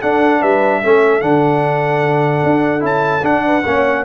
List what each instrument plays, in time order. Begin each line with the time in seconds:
0.00 trombone D4, tuba D4, horn A4, trumpet F#5
0.40 tuba G3, horn B4, trumpet E5
0.83 tuba A3, trombone C#4, horn A4
1.21 tuba D3, trombone D4, trumpet F#5
2.44 tuba D4
2.80 tuba C#4, trombone E4, trumpet A5
3.22 trombone D4, tuba D4, trumpet F#5
3.45 horn B4
3.65 tuba A#3, trombone C#4, horn C#5